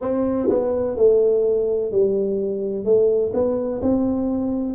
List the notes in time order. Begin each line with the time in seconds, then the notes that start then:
0.01 C4
0.49 B3
0.96 A3
1.91 G3
2.84 A3
3.33 B3
3.81 C4